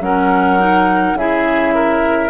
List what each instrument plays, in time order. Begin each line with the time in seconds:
0.00 bassoon F#3, clarinet C#4, oboe A#4, flute F#5
0.59 clarinet D#4
1.13 bassoon C#3, clarinet E4, oboe G#4, flute E5
1.74 oboe A#4